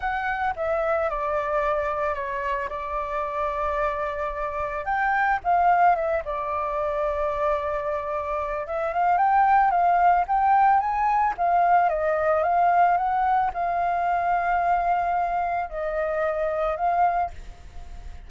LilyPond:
\new Staff \with { instrumentName = "flute" } { \time 4/4 \tempo 4 = 111 fis''4 e''4 d''2 | cis''4 d''2.~ | d''4 g''4 f''4 e''8 d''8~ | d''1 |
e''8 f''8 g''4 f''4 g''4 | gis''4 f''4 dis''4 f''4 | fis''4 f''2.~ | f''4 dis''2 f''4 | }